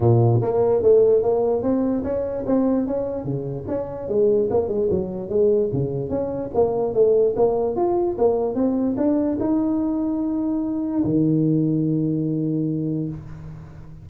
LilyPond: \new Staff \with { instrumentName = "tuba" } { \time 4/4 \tempo 4 = 147 ais,4 ais4 a4 ais4 | c'4 cis'4 c'4 cis'4 | cis4 cis'4 gis4 ais8 gis8 | fis4 gis4 cis4 cis'4 |
ais4 a4 ais4 f'4 | ais4 c'4 d'4 dis'4~ | dis'2. dis4~ | dis1 | }